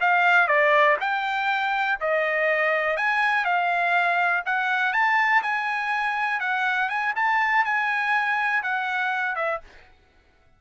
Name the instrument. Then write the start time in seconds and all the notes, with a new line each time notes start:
trumpet
0.00 F5
0.47 D5
1.00 G5
2.00 D#5
2.96 G#5
3.44 F5
4.45 F#5
4.92 A5
5.42 G#5
6.40 F#5
6.89 G#5
7.15 A5
7.65 G#5
8.63 F#5
9.35 E5